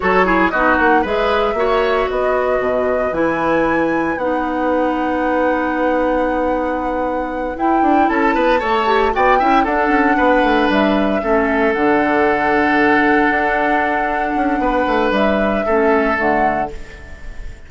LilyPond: <<
  \new Staff \with { instrumentName = "flute" } { \time 4/4 \tempo 4 = 115 cis''4 dis''8 fis''8 e''2 | dis''2 gis''2 | fis''1~ | fis''2~ fis''8 g''4 a''8~ |
a''4. g''4 fis''4.~ | fis''8 e''2 fis''4.~ | fis''1~ | fis''4 e''2 fis''4 | }
  \new Staff \with { instrumentName = "oboe" } { \time 4/4 a'8 gis'8 fis'4 b'4 cis''4 | b'1~ | b'1~ | b'2.~ b'8 a'8 |
b'8 cis''4 d''8 e''8 a'4 b'8~ | b'4. a'2~ a'8~ | a'1 | b'2 a'2 | }
  \new Staff \with { instrumentName = "clarinet" } { \time 4/4 fis'8 e'8 dis'4 gis'4 fis'4~ | fis'2 e'2 | dis'1~ | dis'2~ dis'8 e'4.~ |
e'8 a'8 g'8 fis'8 e'8 d'4.~ | d'4. cis'4 d'4.~ | d'1~ | d'2 cis'4 a4 | }
  \new Staff \with { instrumentName = "bassoon" } { \time 4/4 fis4 b8 ais8 gis4 ais4 | b4 b,4 e2 | b1~ | b2~ b8 e'8 d'8 cis'8 |
b8 a4 b8 cis'8 d'8 cis'8 b8 | a8 g4 a4 d4.~ | d4. d'2 cis'8 | b8 a8 g4 a4 d4 | }
>>